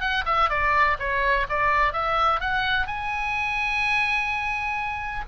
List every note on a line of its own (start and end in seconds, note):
0.00 0.24 F#5
0.25 0.49 E5
0.49 0.97 D5
0.99 1.46 C#5
1.49 1.92 D5
1.92 2.40 E5
2.40 2.86 F#5
2.86 5.24 G#5